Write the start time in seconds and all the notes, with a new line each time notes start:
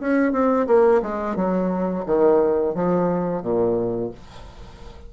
0.00 C#4
0.33 C4
0.67 A#3
1.03 G#3
1.36 F#3
2.06 D#3
2.75 F3
3.42 A#2